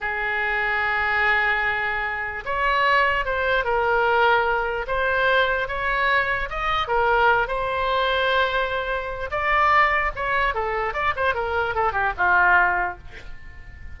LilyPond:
\new Staff \with { instrumentName = "oboe" } { \time 4/4 \tempo 4 = 148 gis'1~ | gis'2 cis''2 | c''4 ais'2. | c''2 cis''2 |
dis''4 ais'4. c''4.~ | c''2. d''4~ | d''4 cis''4 a'4 d''8 c''8 | ais'4 a'8 g'8 f'2 | }